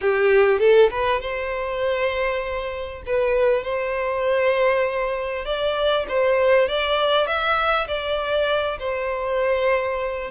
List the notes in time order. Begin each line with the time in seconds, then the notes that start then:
0.01 G4
0.59 A4
0.90 B4
1.20 C5
3.06 B4
3.63 C5
5.45 D5
6.08 C5
6.68 D5
7.26 E5
7.87 D5
8.79 C5